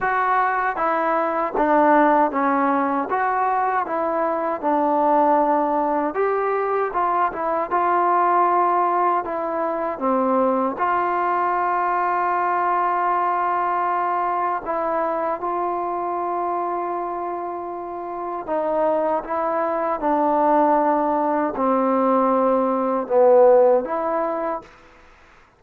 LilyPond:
\new Staff \with { instrumentName = "trombone" } { \time 4/4 \tempo 4 = 78 fis'4 e'4 d'4 cis'4 | fis'4 e'4 d'2 | g'4 f'8 e'8 f'2 | e'4 c'4 f'2~ |
f'2. e'4 | f'1 | dis'4 e'4 d'2 | c'2 b4 e'4 | }